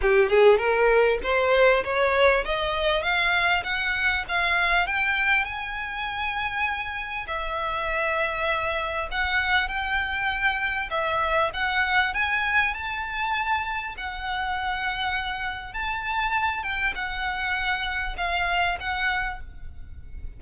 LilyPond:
\new Staff \with { instrumentName = "violin" } { \time 4/4 \tempo 4 = 99 g'8 gis'8 ais'4 c''4 cis''4 | dis''4 f''4 fis''4 f''4 | g''4 gis''2. | e''2. fis''4 |
g''2 e''4 fis''4 | gis''4 a''2 fis''4~ | fis''2 a''4. g''8 | fis''2 f''4 fis''4 | }